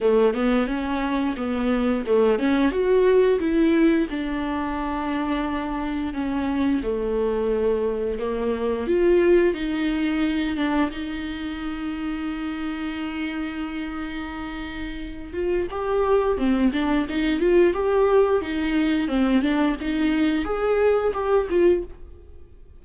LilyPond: \new Staff \with { instrumentName = "viola" } { \time 4/4 \tempo 4 = 88 a8 b8 cis'4 b4 a8 cis'8 | fis'4 e'4 d'2~ | d'4 cis'4 a2 | ais4 f'4 dis'4. d'8 |
dis'1~ | dis'2~ dis'8 f'8 g'4 | c'8 d'8 dis'8 f'8 g'4 dis'4 | c'8 d'8 dis'4 gis'4 g'8 f'8 | }